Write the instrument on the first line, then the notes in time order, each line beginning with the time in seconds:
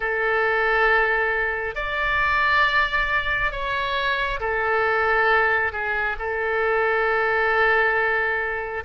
oboe
0.00 A4
1.74 D5
3.51 C#5
4.40 A4
5.72 G#4
6.18 A4